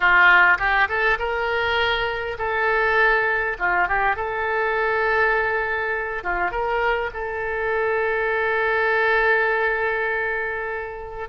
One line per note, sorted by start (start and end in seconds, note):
0.00 0.58 F4
0.58 0.87 G4
0.88 1.17 A4
1.19 2.37 A#4
2.38 3.57 A4
3.58 3.88 F4
3.88 4.16 G4
4.16 6.23 A4
6.23 6.51 F4
6.51 7.10 A#4
7.13 11.29 A4